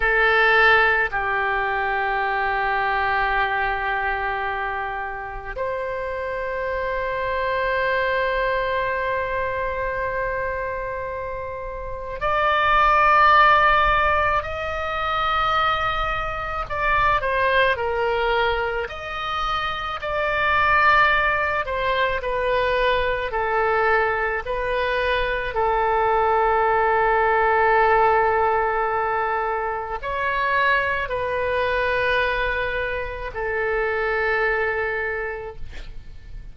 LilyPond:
\new Staff \with { instrumentName = "oboe" } { \time 4/4 \tempo 4 = 54 a'4 g'2.~ | g'4 c''2.~ | c''2. d''4~ | d''4 dis''2 d''8 c''8 |
ais'4 dis''4 d''4. c''8 | b'4 a'4 b'4 a'4~ | a'2. cis''4 | b'2 a'2 | }